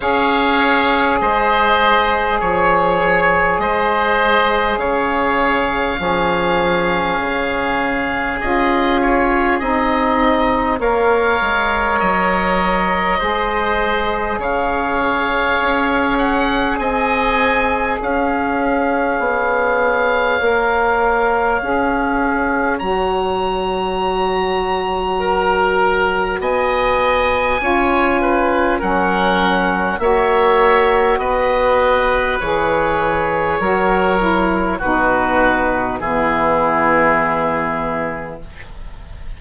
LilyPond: <<
  \new Staff \with { instrumentName = "oboe" } { \time 4/4 \tempo 4 = 50 f''4 dis''4 cis''4 dis''4 | f''2. dis''8 cis''8 | dis''4 f''4 dis''2 | f''4. fis''8 gis''4 f''4~ |
f''2. ais''4~ | ais''2 gis''2 | fis''4 e''4 dis''4 cis''4~ | cis''4 b'4 gis'2 | }
  \new Staff \with { instrumentName = "oboe" } { \time 4/4 cis''4 c''4 cis''4 c''4 | cis''4 gis'2.~ | gis'4 cis''2 c''4 | cis''2 dis''4 cis''4~ |
cis''1~ | cis''4 ais'4 dis''4 cis''8 b'8 | ais'4 cis''4 b'2 | ais'4 fis'4 e'2 | }
  \new Staff \with { instrumentName = "saxophone" } { \time 4/4 gis'1~ | gis'4 cis'2 f'4 | dis'4 ais'2 gis'4~ | gis'1~ |
gis'4 ais'4 gis'4 fis'4~ | fis'2. f'4 | cis'4 fis'2 gis'4 | fis'8 e'8 dis'4 b2 | }
  \new Staff \with { instrumentName = "bassoon" } { \time 4/4 cis'4 gis4 f4 gis4 | cis4 f4 cis4 cis'4 | c'4 ais8 gis8 fis4 gis4 | cis4 cis'4 c'4 cis'4 |
b4 ais4 cis'4 fis4~ | fis2 b4 cis'4 | fis4 ais4 b4 e4 | fis4 b,4 e2 | }
>>